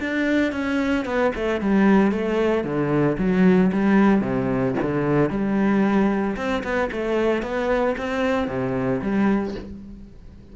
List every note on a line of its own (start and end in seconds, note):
0.00 0.52 D4
0.52 1.05 C#4
1.05 1.32 B3
1.35 1.61 A3
1.61 2.12 G3
2.12 2.64 A3
2.64 3.17 D3
3.18 3.71 F#3
3.73 4.21 G3
4.21 4.74 C3
4.82 5.30 D3
5.30 6.36 G3
6.37 6.63 C4
6.64 6.90 B3
6.92 7.43 A3
7.43 7.96 B3
7.98 8.48 C4
8.48 9.01 C3
9.02 9.55 G3